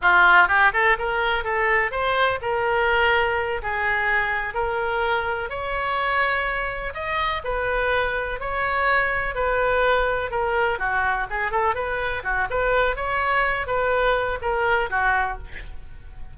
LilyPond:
\new Staff \with { instrumentName = "oboe" } { \time 4/4 \tempo 4 = 125 f'4 g'8 a'8 ais'4 a'4 | c''4 ais'2~ ais'8 gis'8~ | gis'4. ais'2 cis''8~ | cis''2~ cis''8 dis''4 b'8~ |
b'4. cis''2 b'8~ | b'4. ais'4 fis'4 gis'8 | a'8 b'4 fis'8 b'4 cis''4~ | cis''8 b'4. ais'4 fis'4 | }